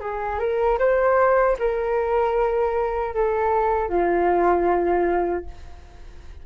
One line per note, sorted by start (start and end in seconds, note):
0.00 0.39 G#4
0.39 0.78 A#4
0.79 1.57 C5
1.59 3.14 A#4
3.14 3.89 A4
3.89 5.44 F4